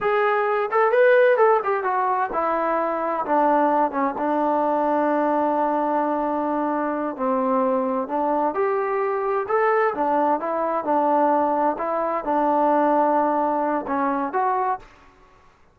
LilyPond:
\new Staff \with { instrumentName = "trombone" } { \time 4/4 \tempo 4 = 130 gis'4. a'8 b'4 a'8 g'8 | fis'4 e'2 d'4~ | d'8 cis'8 d'2.~ | d'2.~ d'8 c'8~ |
c'4. d'4 g'4.~ | g'8 a'4 d'4 e'4 d'8~ | d'4. e'4 d'4.~ | d'2 cis'4 fis'4 | }